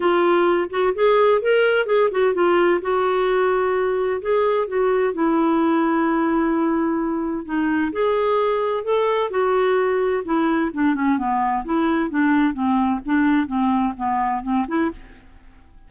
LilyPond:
\new Staff \with { instrumentName = "clarinet" } { \time 4/4 \tempo 4 = 129 f'4. fis'8 gis'4 ais'4 | gis'8 fis'8 f'4 fis'2~ | fis'4 gis'4 fis'4 e'4~ | e'1 |
dis'4 gis'2 a'4 | fis'2 e'4 d'8 cis'8 | b4 e'4 d'4 c'4 | d'4 c'4 b4 c'8 e'8 | }